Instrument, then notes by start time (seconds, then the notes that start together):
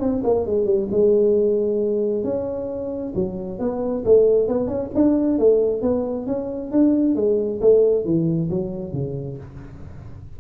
tuba
0.00 C4
0.24 A#3
0.46 G#3
0.65 G3
0.91 G#3
2.23 C#4
3.15 F#3
3.59 B3
4.05 A3
4.48 B3
4.67 C#4
4.95 D4
5.39 A3
5.82 B3
6.26 C#4
6.71 D4
7.15 G#3
7.61 A3
8.05 E3
8.50 F#3
8.93 C#3